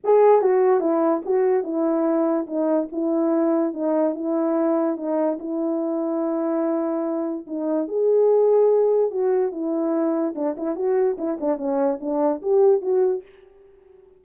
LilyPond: \new Staff \with { instrumentName = "horn" } { \time 4/4 \tempo 4 = 145 gis'4 fis'4 e'4 fis'4 | e'2 dis'4 e'4~ | e'4 dis'4 e'2 | dis'4 e'2.~ |
e'2 dis'4 gis'4~ | gis'2 fis'4 e'4~ | e'4 d'8 e'8 fis'4 e'8 d'8 | cis'4 d'4 g'4 fis'4 | }